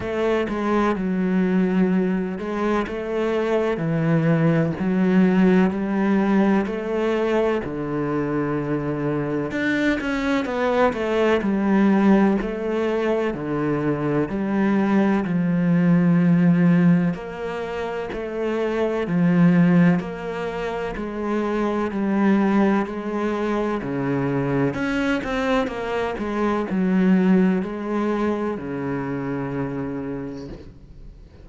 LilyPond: \new Staff \with { instrumentName = "cello" } { \time 4/4 \tempo 4 = 63 a8 gis8 fis4. gis8 a4 | e4 fis4 g4 a4 | d2 d'8 cis'8 b8 a8 | g4 a4 d4 g4 |
f2 ais4 a4 | f4 ais4 gis4 g4 | gis4 cis4 cis'8 c'8 ais8 gis8 | fis4 gis4 cis2 | }